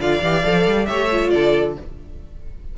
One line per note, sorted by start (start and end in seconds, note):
0.00 0.22 D3
0.00 0.22 F4
0.00 0.88 D5
0.00 0.86 F5
0.23 0.45 E3
0.23 0.44 G4
0.44 0.67 F3
0.44 0.87 A4
0.67 0.89 G3
0.86 1.33 A3
0.86 1.10 G4
0.86 1.32 C#5
0.86 1.30 E5
1.11 1.77 F4
1.30 1.77 D3
1.30 1.78 A4
1.30 1.74 D5